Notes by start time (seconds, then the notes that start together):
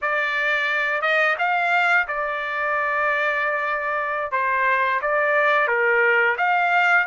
0.01 D5
1.01 D#5
1.38 F5
2.07 D5
4.31 C5
5.01 D5
5.67 A#4
6.37 F5